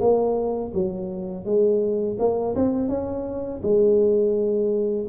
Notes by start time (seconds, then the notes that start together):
0.00 A#3
0.74 F#3
1.45 G#3
2.19 A#3
2.55 C4
2.89 C#4
3.62 G#3